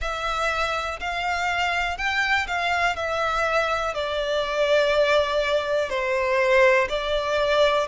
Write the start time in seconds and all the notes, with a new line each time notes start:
0.01 E5
1.00 F5
1.97 G5
2.47 F5
2.96 E5
3.94 D5
5.89 C5
6.89 D5